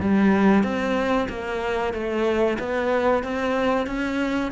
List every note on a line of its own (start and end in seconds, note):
0.00 0.63 G3
0.63 1.28 C4
1.29 1.94 A#3
1.94 2.58 A3
2.59 3.23 B3
3.23 3.87 C4
3.87 4.51 C#4